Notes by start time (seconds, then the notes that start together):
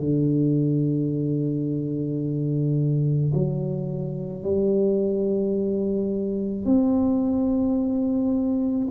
0.00 D3
3.34 F#3
4.43 G3
6.66 C4